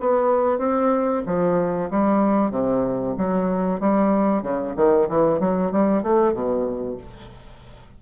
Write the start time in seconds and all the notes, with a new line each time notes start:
0.00 B3
0.58 C4
1.26 F3
1.90 G3
2.51 C3
3.17 F#3
3.80 G3
4.42 C#3
4.76 D#3
5.09 E3
5.39 F#3
5.72 G3
6.03 A3
6.33 B2